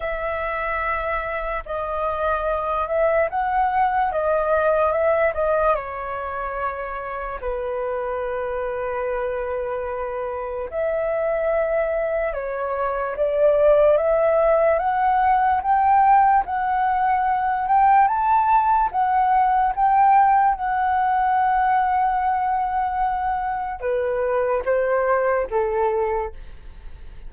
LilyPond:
\new Staff \with { instrumentName = "flute" } { \time 4/4 \tempo 4 = 73 e''2 dis''4. e''8 | fis''4 dis''4 e''8 dis''8 cis''4~ | cis''4 b'2.~ | b'4 e''2 cis''4 |
d''4 e''4 fis''4 g''4 | fis''4. g''8 a''4 fis''4 | g''4 fis''2.~ | fis''4 b'4 c''4 a'4 | }